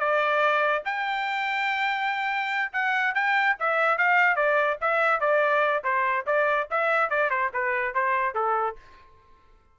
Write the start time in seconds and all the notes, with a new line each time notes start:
0.00 D5
0.85 G5
2.73 F#5
3.15 G5
3.60 E5
3.98 F5
4.36 D5
4.81 E5
5.21 D5
5.84 C5
6.27 D5
6.71 E5
7.10 D5
7.31 C5
7.54 B4
7.94 C5
8.35 A4